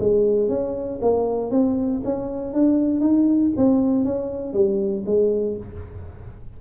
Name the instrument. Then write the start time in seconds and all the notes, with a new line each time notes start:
tuba
0.00 G#3
0.49 C#4
1.02 A#3
1.51 C4
2.05 C#4
2.54 D4
3.01 D#4
3.57 C4
4.05 C#4
4.53 G3
5.06 G#3